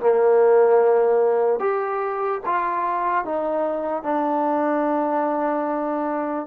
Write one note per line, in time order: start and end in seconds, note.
0.00 1.60 A#3
1.60 2.41 G4
2.45 3.25 F4
3.25 4.03 D#4
4.03 6.46 D4